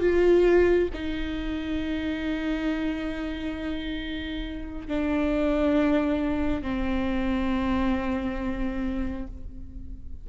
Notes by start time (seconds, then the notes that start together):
0.00 F4
0.93 D#4
4.88 D4
6.62 C4